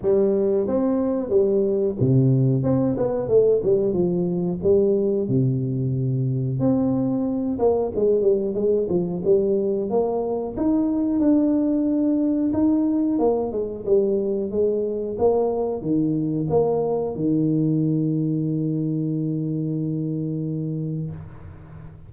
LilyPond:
\new Staff \with { instrumentName = "tuba" } { \time 4/4 \tempo 4 = 91 g4 c'4 g4 c4 | c'8 b8 a8 g8 f4 g4 | c2 c'4. ais8 | gis8 g8 gis8 f8 g4 ais4 |
dis'4 d'2 dis'4 | ais8 gis8 g4 gis4 ais4 | dis4 ais4 dis2~ | dis1 | }